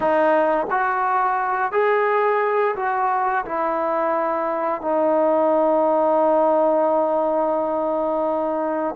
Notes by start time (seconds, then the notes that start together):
0.00 D#4
0.70 F#4
1.71 G#4
2.76 F#4
3.45 E4
4.81 D#4